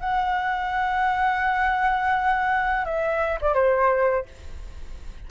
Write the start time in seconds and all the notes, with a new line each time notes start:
0.00 F#5
2.85 E5
3.41 D5
3.54 C5